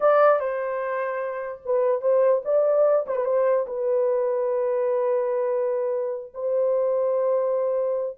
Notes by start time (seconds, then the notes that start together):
0.00 D5
0.39 C5
1.65 B4
2.01 C5
2.45 D5
3.06 C5
3.16 B4
3.25 C5
3.67 B4
6.34 C5